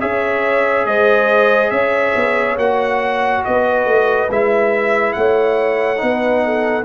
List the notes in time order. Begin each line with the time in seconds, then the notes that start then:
0.00 C#4 G#4 C#5 E5
0.85 G#3 C5 D#5
1.70 C#4 C#5 E5
2.15 B3
2.56 A#3 F#4 F#5
3.44 B3 B4 D#5
3.85 A3
4.29 G#3 E4 E5
5.12 A3 C#5 F#5
5.97 B3 D#4 B4
6.44 A4